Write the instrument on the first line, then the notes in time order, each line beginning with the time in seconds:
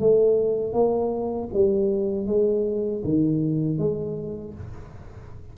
tuba
0.00 A3
0.73 A#3
1.53 G3
2.26 G#3
3.04 D#3
3.78 G#3